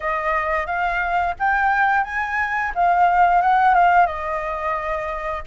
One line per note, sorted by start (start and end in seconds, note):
0.00 0.66 D#5
0.66 1.35 F5
1.39 2.03 G5
2.03 2.71 G#5
2.75 3.41 F5
3.41 3.74 F#5
3.74 4.06 F5
4.06 5.42 D#5